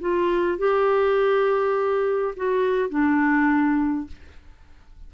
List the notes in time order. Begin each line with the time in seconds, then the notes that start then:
0.00 F4
0.58 G4
2.36 F#4
2.89 D4